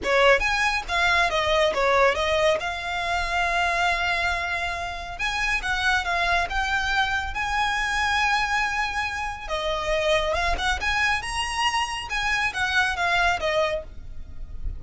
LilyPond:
\new Staff \with { instrumentName = "violin" } { \time 4/4 \tempo 4 = 139 cis''4 gis''4 f''4 dis''4 | cis''4 dis''4 f''2~ | f''1 | gis''4 fis''4 f''4 g''4~ |
g''4 gis''2.~ | gis''2 dis''2 | f''8 fis''8 gis''4 ais''2 | gis''4 fis''4 f''4 dis''4 | }